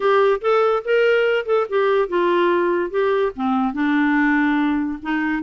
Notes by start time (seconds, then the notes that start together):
0.00 G4
0.41 A4
0.84 A#4
1.45 A4
1.69 G4
2.08 F4
2.90 G4
3.35 C4
3.73 D4
5.02 D#4